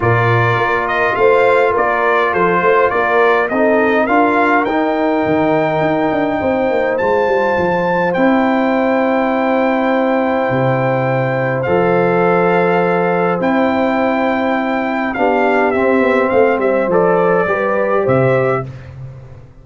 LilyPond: <<
  \new Staff \with { instrumentName = "trumpet" } { \time 4/4 \tempo 4 = 103 d''4. dis''8 f''4 d''4 | c''4 d''4 dis''4 f''4 | g''1 | a''2 g''2~ |
g''1 | f''2. g''4~ | g''2 f''4 e''4 | f''8 e''8 d''2 e''4 | }
  \new Staff \with { instrumentName = "horn" } { \time 4/4 ais'2 c''4 ais'4 | a'8 c''8 ais'4 a'4 ais'4~ | ais'2. c''4~ | c''1~ |
c''1~ | c''1~ | c''2 g'2 | c''2 b'4 c''4 | }
  \new Staff \with { instrumentName = "trombone" } { \time 4/4 f'1~ | f'2 dis'4 f'4 | dis'1 | f'2 e'2~ |
e'1 | a'2. e'4~ | e'2 d'4 c'4~ | c'4 a'4 g'2 | }
  \new Staff \with { instrumentName = "tuba" } { \time 4/4 ais,4 ais4 a4 ais4 | f8 a8 ais4 c'4 d'4 | dis'4 dis4 dis'8 d'8 c'8 ais8 | gis8 g8 f4 c'2~ |
c'2 c2 | f2. c'4~ | c'2 b4 c'8 b8 | a8 g8 f4 g4 c4 | }
>>